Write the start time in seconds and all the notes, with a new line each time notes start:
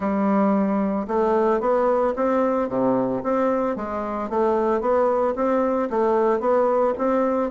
0.00 G3
1.07 A3
1.60 B3
2.16 C4
2.69 C3
3.23 C4
3.75 G#3
4.29 A3
4.81 B3
5.35 C4
5.90 A3
6.40 B3
6.98 C4